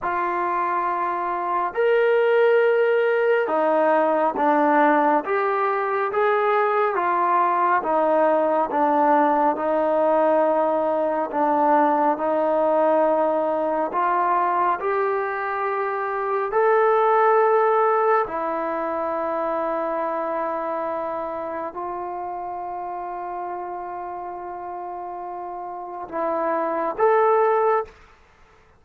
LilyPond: \new Staff \with { instrumentName = "trombone" } { \time 4/4 \tempo 4 = 69 f'2 ais'2 | dis'4 d'4 g'4 gis'4 | f'4 dis'4 d'4 dis'4~ | dis'4 d'4 dis'2 |
f'4 g'2 a'4~ | a'4 e'2.~ | e'4 f'2.~ | f'2 e'4 a'4 | }